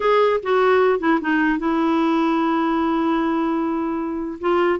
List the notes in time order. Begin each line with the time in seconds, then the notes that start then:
0.00 G#4
0.42 F#4
0.99 E4
1.21 D#4
1.58 E4
4.40 F4